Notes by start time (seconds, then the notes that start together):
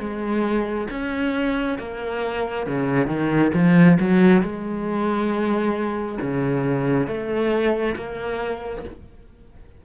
0.00 G#3
0.91 C#4
1.79 A#3
2.67 C#3
3.08 D#3
3.55 F3
4.00 F#3
4.42 G#3
6.22 C#3
7.07 A3
7.97 A#3